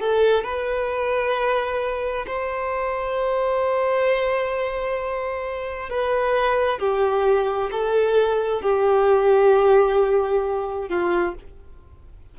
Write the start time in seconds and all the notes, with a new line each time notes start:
0.00 A4
0.44 B4
2.27 C5
5.90 B4
6.79 G4
7.71 A4
8.62 G4
10.89 F4